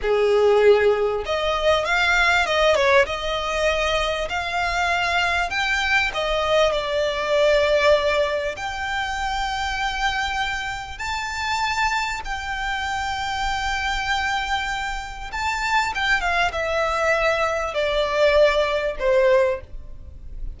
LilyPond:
\new Staff \with { instrumentName = "violin" } { \time 4/4 \tempo 4 = 98 gis'2 dis''4 f''4 | dis''8 cis''8 dis''2 f''4~ | f''4 g''4 dis''4 d''4~ | d''2 g''2~ |
g''2 a''2 | g''1~ | g''4 a''4 g''8 f''8 e''4~ | e''4 d''2 c''4 | }